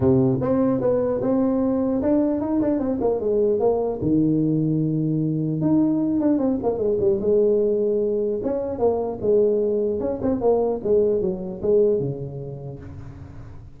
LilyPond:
\new Staff \with { instrumentName = "tuba" } { \time 4/4 \tempo 4 = 150 c4 c'4 b4 c'4~ | c'4 d'4 dis'8 d'8 c'8 ais8 | gis4 ais4 dis2~ | dis2 dis'4. d'8 |
c'8 ais8 gis8 g8 gis2~ | gis4 cis'4 ais4 gis4~ | gis4 cis'8 c'8 ais4 gis4 | fis4 gis4 cis2 | }